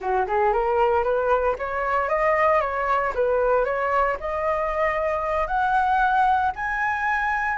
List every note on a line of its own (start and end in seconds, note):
0.00 0.27 F#4
0.27 0.52 G#4
0.52 1.03 A#4
1.03 1.55 B4
1.58 2.08 C#5
2.08 2.61 D#5
2.61 3.13 C#5
3.14 3.64 B4
3.64 4.16 C#5
4.20 5.47 D#5
5.47 6.51 F#5
6.55 7.57 G#5